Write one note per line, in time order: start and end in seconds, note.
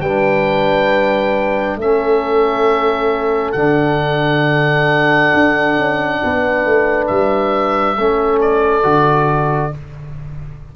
0.00 1.76 G3
0.00 1.80 D4
0.00 1.78 B4
0.00 1.77 G5
1.76 3.53 A3
1.76 3.56 C#4
1.76 6.20 A4
1.76 3.52 E5
3.52 5.31 D3
3.52 7.97 D4
3.52 7.05 F#5
5.33 5.77 D4
5.77 6.21 C#4
6.24 6.65 B3
6.24 7.99 B4
6.65 7.09 A3
7.07 7.97 G3
7.07 8.39 E5
7.97 8.84 A3
7.97 8.83 C#4
7.97 9.75 A4
8.40 9.73 D5
8.83 9.72 D3
8.83 9.71 F#4